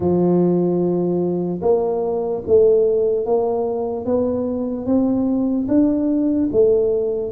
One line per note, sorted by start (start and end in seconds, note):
0.00 1.60 F3
1.61 2.42 A#3
2.46 3.25 A3
3.25 4.05 A#3
4.05 4.86 B3
4.86 5.67 C4
5.68 6.49 D4
6.52 7.32 A3